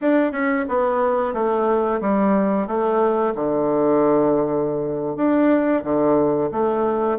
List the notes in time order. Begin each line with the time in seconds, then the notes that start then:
0.01 D4
0.32 C#4
0.68 B3
1.33 A3
2.00 G3
2.67 A3
3.35 D3
5.16 D4
5.83 D3
6.51 A3